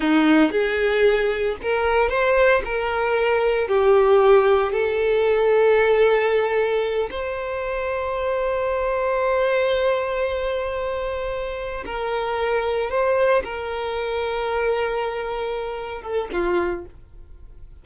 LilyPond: \new Staff \with { instrumentName = "violin" } { \time 4/4 \tempo 4 = 114 dis'4 gis'2 ais'4 | c''4 ais'2 g'4~ | g'4 a'2.~ | a'4. c''2~ c''8~ |
c''1~ | c''2~ c''8 ais'4.~ | ais'8 c''4 ais'2~ ais'8~ | ais'2~ ais'8 a'8 f'4 | }